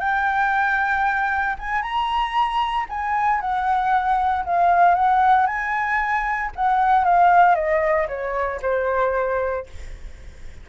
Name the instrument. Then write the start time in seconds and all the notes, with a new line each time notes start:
flute
0.00 G5
1.59 G#5
1.82 A#5
2.89 G#5
3.41 F#5
4.45 F5
4.95 F#5
5.47 G#5
6.56 F#5
7.05 F5
7.55 D#5
8.08 C#5
8.62 C5